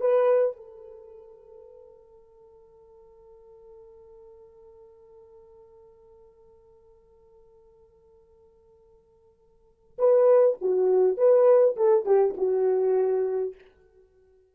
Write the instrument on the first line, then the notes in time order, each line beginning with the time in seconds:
horn
0.00 B4
0.56 A4
9.98 B4
10.61 F#4
11.17 B4
11.76 A4
12.05 G4
12.37 F#4